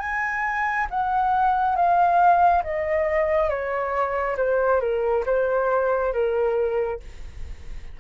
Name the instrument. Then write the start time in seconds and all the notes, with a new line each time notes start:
flute
0.00 G#5
0.91 F#5
1.76 F5
2.64 D#5
3.50 C#5
4.38 C5
4.81 A#4
5.26 C5
6.13 A#4